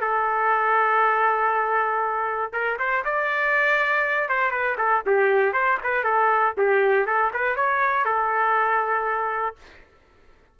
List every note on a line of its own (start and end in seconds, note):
0.00 2.52 A4
2.52 2.77 A#4
2.78 3.04 C5
3.04 4.29 D5
4.29 4.51 C5
4.51 4.76 B4
4.78 5.03 A4
5.06 5.53 G4
5.53 5.78 C5
5.83 6.03 B4
6.03 6.54 A4
6.57 7.06 G4
7.06 7.31 A4
7.33 7.55 B4
7.55 8.04 C#5
8.04 9.56 A4